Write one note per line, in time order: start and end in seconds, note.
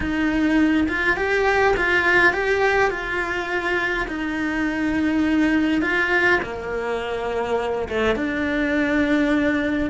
0.00 0.87 D#4
0.88 1.16 F4
1.16 1.74 G4
1.76 2.32 F4
2.32 2.90 G4
2.90 4.06 F4
4.07 5.81 D#4
5.81 6.39 F4
6.42 7.88 A#3
7.89 8.15 A3
8.15 9.90 D4